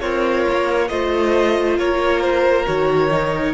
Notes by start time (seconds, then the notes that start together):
0.00 C4 F4 A#4 C#5
0.49 A#3
0.89 A3 F4 C5 D#5
1.78 A#3 A#4 C#5
2.21 C5
2.67 D#3 F#4 C#5
3.11 D#4